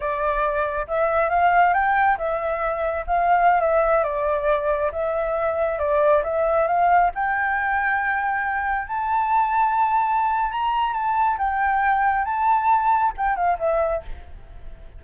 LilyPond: \new Staff \with { instrumentName = "flute" } { \time 4/4 \tempo 4 = 137 d''2 e''4 f''4 | g''4 e''2 f''4~ | f''16 e''4 d''2 e''8.~ | e''4~ e''16 d''4 e''4 f''8.~ |
f''16 g''2.~ g''8.~ | g''16 a''2.~ a''8. | ais''4 a''4 g''2 | a''2 g''8 f''8 e''4 | }